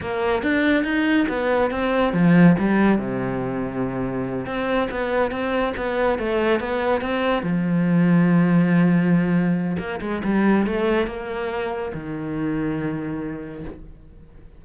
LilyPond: \new Staff \with { instrumentName = "cello" } { \time 4/4 \tempo 4 = 141 ais4 d'4 dis'4 b4 | c'4 f4 g4 c4~ | c2~ c8 c'4 b8~ | b8 c'4 b4 a4 b8~ |
b8 c'4 f2~ f8~ | f2. ais8 gis8 | g4 a4 ais2 | dis1 | }